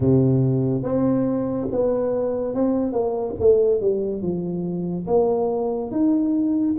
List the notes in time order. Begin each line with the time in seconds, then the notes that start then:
0.00 C3
0.83 C4
1.71 B3
2.54 C4
2.92 A#3
3.40 A3
3.80 G3
4.21 F3
5.06 A#3
5.91 D#4